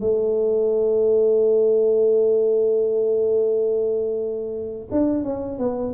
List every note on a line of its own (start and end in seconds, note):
0.00 4.88 A3
4.91 5.23 D4
5.23 5.58 C#4
5.58 5.93 B3